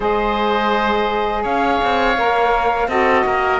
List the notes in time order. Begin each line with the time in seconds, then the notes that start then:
0.00 G#3 G#4 C5 D#5
1.42 C#4 C#5 F5
1.83 C4
2.17 A#3 A#4
2.87 C4 F#4 A4 D#5
3.25 A#3 A#4